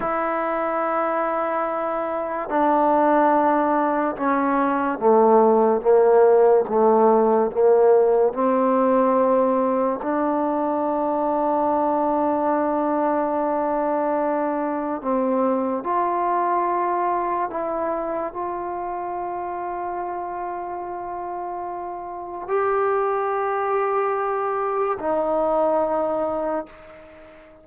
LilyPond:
\new Staff \with { instrumentName = "trombone" } { \time 4/4 \tempo 4 = 72 e'2. d'4~ | d'4 cis'4 a4 ais4 | a4 ais4 c'2 | d'1~ |
d'2 c'4 f'4~ | f'4 e'4 f'2~ | f'2. g'4~ | g'2 dis'2 | }